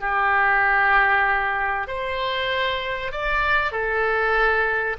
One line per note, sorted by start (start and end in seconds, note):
0.00 1.87 G4
1.87 3.11 C5
3.11 3.72 D5
3.72 4.97 A4